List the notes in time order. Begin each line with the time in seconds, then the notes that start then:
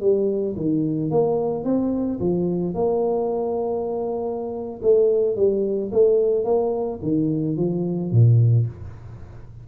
0.00 G3
0.56 D#3
1.10 A#3
1.64 C4
2.19 F3
2.74 A#3
4.82 A3
5.35 G3
5.91 A3
6.44 A#3
7.02 D#3
7.56 F3
8.11 A#2